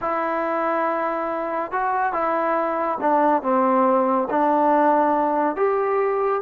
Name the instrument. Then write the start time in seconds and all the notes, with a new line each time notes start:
trombone
0.01 E4
1.71 F#4
2.12 E4
3.00 D4
3.42 C4
4.30 D4
5.56 G4